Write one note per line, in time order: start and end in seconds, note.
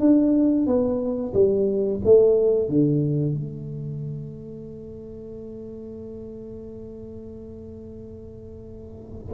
0.00 0.67 D4
0.67 1.33 B3
1.34 2.01 G3
2.05 2.69 A3
2.69 3.35 D3
3.35 9.34 A3